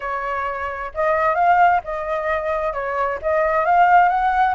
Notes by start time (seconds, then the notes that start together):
0.00 C#5
0.94 D#5
1.34 F5
1.84 D#5
2.73 C#5
3.22 D#5
3.65 F5
4.08 F#5